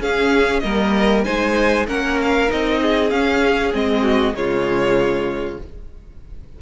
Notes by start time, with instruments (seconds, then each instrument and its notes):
0.00 cello C#4, viola C#4, violin G#4 F5
0.59 cello G3, viola A#3, violin A#4 D#5
1.24 cello G#3, viola D#4, violin C5 G#5
1.87 cello A#3, viola C#4, violin A#4 F#5
2.22 violin F5
2.48 cello C4, viola D#4, violin D#5
2.81 violin G#4
3.10 viola C#4, cello C#4, violin F5
3.72 cello G#3, viola C4, violin D#5
4.02 violin F#4
4.34 cello C#3, viola G#3, violin F4 C#5